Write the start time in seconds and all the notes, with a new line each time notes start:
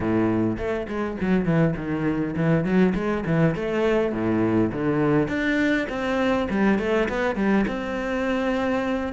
0.00 A2
0.57 A3
0.87 G#3
1.21 F#3
1.45 E3
1.76 D#3
2.36 E3
2.64 F#3
2.94 G#3
3.26 E3
3.55 A3
4.12 A2
4.72 D3
5.28 D4
5.89 C4
6.50 G3
6.79 A3
7.09 B3
7.35 G3
7.67 C4